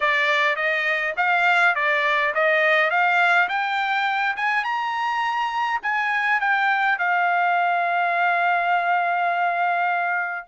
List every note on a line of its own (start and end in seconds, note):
0.00 0.56 D5
0.56 1.14 D#5
1.17 1.75 F5
1.75 2.33 D5
2.34 2.90 D#5
2.90 3.48 F5
3.48 4.36 G5
4.36 4.63 G#5
4.63 5.80 A#5
5.82 6.40 G#5
6.40 6.98 G5
6.98 10.47 F5